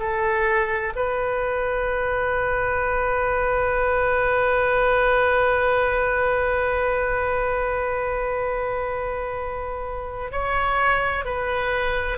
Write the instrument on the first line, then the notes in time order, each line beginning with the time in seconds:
oboe
0.00 A4
0.96 B4
10.32 C#5
11.25 B4